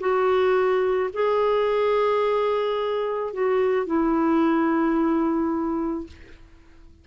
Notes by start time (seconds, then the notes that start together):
0.00 F#4
1.13 G#4
3.34 F#4
3.87 E4